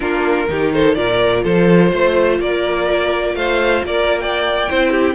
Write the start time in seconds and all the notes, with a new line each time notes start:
0.00 A#3 D4 F4 A#4
0.49 D#3 D#4 G4
0.73 A4 C5
0.95 A#2 F4 A#4 D5
1.43 F3 A4 C5
1.91 A3 C5
2.39 A#3 A#4 D5
3.34 A3 C5 F5
3.83 A#3 A#4 D5
4.19 D5 G5
4.69 C4 E4 C5
4.90 G4